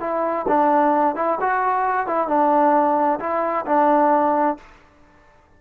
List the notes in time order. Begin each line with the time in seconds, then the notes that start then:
0.00 E4
0.48 D4
1.16 E4
1.40 F#4
2.07 E4
2.28 D4
3.19 E4
3.65 D4